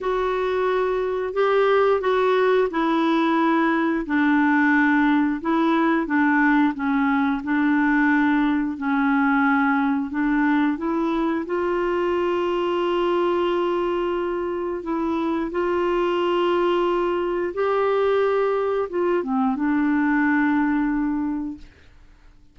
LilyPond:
\new Staff \with { instrumentName = "clarinet" } { \time 4/4 \tempo 4 = 89 fis'2 g'4 fis'4 | e'2 d'2 | e'4 d'4 cis'4 d'4~ | d'4 cis'2 d'4 |
e'4 f'2.~ | f'2 e'4 f'4~ | f'2 g'2 | f'8 c'8 d'2. | }